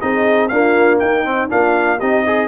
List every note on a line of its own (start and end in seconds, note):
0.00 0.50 C4
0.00 0.50 D#4
0.00 0.51 G#4
0.00 0.48 D#5
0.48 1.24 A#3
0.48 1.00 D4
0.48 1.00 F4
0.48 0.98 F5
0.99 1.50 D#4
0.99 1.49 D#4
0.99 1.48 G5
1.24 1.49 C4
1.49 2.01 A#3
1.49 1.99 D4
1.49 1.98 F4
1.49 2.00 F5
1.98 2.48 C4
1.98 2.26 D#4
1.98 2.23 G4
1.98 2.48 D#5
2.23 2.48 D#4
2.23 2.48 G#4